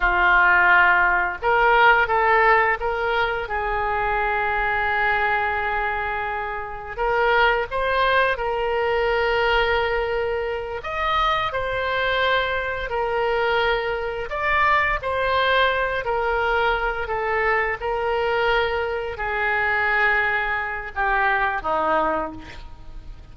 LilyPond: \new Staff \with { instrumentName = "oboe" } { \time 4/4 \tempo 4 = 86 f'2 ais'4 a'4 | ais'4 gis'2.~ | gis'2 ais'4 c''4 | ais'2.~ ais'8 dis''8~ |
dis''8 c''2 ais'4.~ | ais'8 d''4 c''4. ais'4~ | ais'8 a'4 ais'2 gis'8~ | gis'2 g'4 dis'4 | }